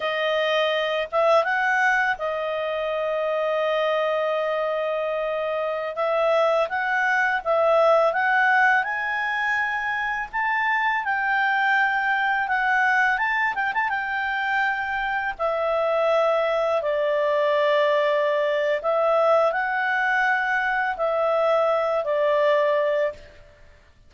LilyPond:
\new Staff \with { instrumentName = "clarinet" } { \time 4/4 \tempo 4 = 83 dis''4. e''8 fis''4 dis''4~ | dis''1~ | dis''16 e''4 fis''4 e''4 fis''8.~ | fis''16 gis''2 a''4 g''8.~ |
g''4~ g''16 fis''4 a''8 g''16 a''16 g''8.~ | g''4~ g''16 e''2 d''8.~ | d''2 e''4 fis''4~ | fis''4 e''4. d''4. | }